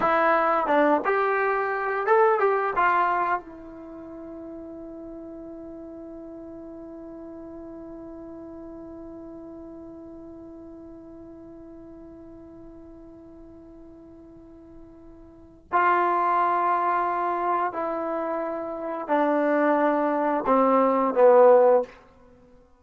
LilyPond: \new Staff \with { instrumentName = "trombone" } { \time 4/4 \tempo 4 = 88 e'4 d'8 g'4. a'8 g'8 | f'4 e'2.~ | e'1~ | e'1~ |
e'1~ | e'2. f'4~ | f'2 e'2 | d'2 c'4 b4 | }